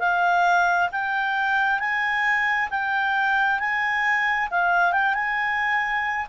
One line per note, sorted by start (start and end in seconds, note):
0.00 0.90 F5
0.92 1.80 G5
1.80 2.69 G#5
2.71 3.60 G5
3.60 4.49 G#5
4.51 4.93 F5
4.93 5.15 G5
5.15 6.26 G#5